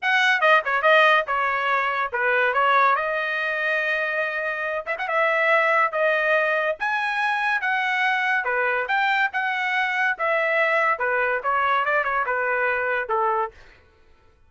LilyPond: \new Staff \with { instrumentName = "trumpet" } { \time 4/4 \tempo 4 = 142 fis''4 dis''8 cis''8 dis''4 cis''4~ | cis''4 b'4 cis''4 dis''4~ | dis''2.~ dis''8 e''16 fis''16 | e''2 dis''2 |
gis''2 fis''2 | b'4 g''4 fis''2 | e''2 b'4 cis''4 | d''8 cis''8 b'2 a'4 | }